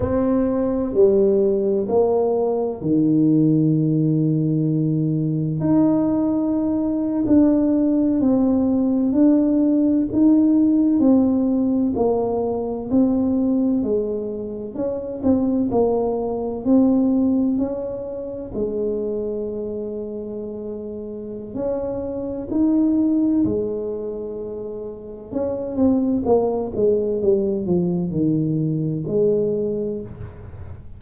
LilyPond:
\new Staff \with { instrumentName = "tuba" } { \time 4/4 \tempo 4 = 64 c'4 g4 ais4 dis4~ | dis2 dis'4.~ dis'16 d'16~ | d'8. c'4 d'4 dis'4 c'16~ | c'8. ais4 c'4 gis4 cis'16~ |
cis'16 c'8 ais4 c'4 cis'4 gis16~ | gis2. cis'4 | dis'4 gis2 cis'8 c'8 | ais8 gis8 g8 f8 dis4 gis4 | }